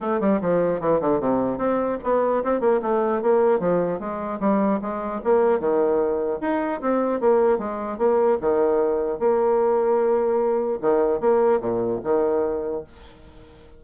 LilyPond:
\new Staff \with { instrumentName = "bassoon" } { \time 4/4 \tempo 4 = 150 a8 g8 f4 e8 d8 c4 | c'4 b4 c'8 ais8 a4 | ais4 f4 gis4 g4 | gis4 ais4 dis2 |
dis'4 c'4 ais4 gis4 | ais4 dis2 ais4~ | ais2. dis4 | ais4 ais,4 dis2 | }